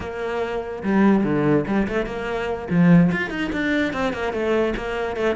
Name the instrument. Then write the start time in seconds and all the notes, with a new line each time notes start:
cello
0.00 A#3
0.83 G3
1.24 D3
1.67 G3
1.88 A3
2.06 A#3
2.70 F3
3.11 F4
3.30 D#4
3.52 D4
3.93 C4
4.13 A#3
4.32 A3
4.76 A#3
5.16 A3